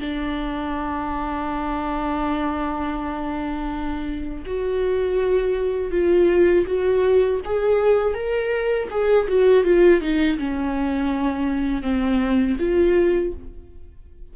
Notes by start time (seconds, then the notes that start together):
0.00 D4
4.46 F#4
5.92 F4
6.66 F#4
7.45 G#4
8.14 A#4
8.91 G#4
9.29 F#4
9.64 F4
10.01 D#4
10.39 C#4
11.82 C4
12.59 F4